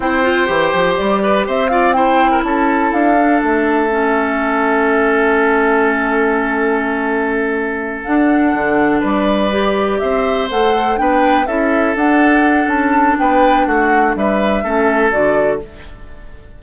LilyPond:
<<
  \new Staff \with { instrumentName = "flute" } { \time 4/4 \tempo 4 = 123 g''2 d''4 e''8 f''8 | g''4 a''4 f''4 e''4~ | e''1~ | e''1~ |
e''8 fis''2 d''4.~ | d''8 e''4 fis''4 g''4 e''8~ | e''8 fis''4. a''4 g''4 | fis''4 e''2 d''4 | }
  \new Staff \with { instrumentName = "oboe" } { \time 4/4 c''2~ c''8 b'8 c''8 d''8 | c''8. ais'16 a'2.~ | a'1~ | a'1~ |
a'2~ a'8 b'4.~ | b'8 c''2 b'4 a'8~ | a'2. b'4 | fis'4 b'4 a'2 | }
  \new Staff \with { instrumentName = "clarinet" } { \time 4/4 e'8 f'8 g'2~ g'8 f'8 | e'2~ e'8 d'4. | cis'1~ | cis'1~ |
cis'8 d'2. g'8~ | g'4. a'4 d'4 e'8~ | e'8 d'2.~ d'8~ | d'2 cis'4 fis'4 | }
  \new Staff \with { instrumentName = "bassoon" } { \time 4/4 c'4 e8 f8 g4 c'4~ | c'4 cis'4 d'4 a4~ | a1~ | a1~ |
a8 d'4 d4 g4.~ | g8 c'4 a4 b4 cis'8~ | cis'8 d'4. cis'4 b4 | a4 g4 a4 d4 | }
>>